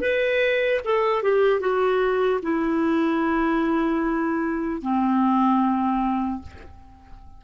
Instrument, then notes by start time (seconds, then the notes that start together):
clarinet
0.00 B4
0.84 A4
1.22 G4
1.60 F#4
2.42 E4
4.81 C4